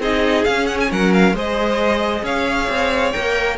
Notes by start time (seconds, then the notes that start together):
0.00 C4 D#4 G#4 D#5
0.45 C#4 F5
0.67 F#5
0.81 G#5
0.92 F#3 A#4 F#5
1.14 F5
1.33 G#3 G#4 C5 D#5
2.23 C#4 C#5 F5
2.69 C4
3.12 A#3 A#4 G5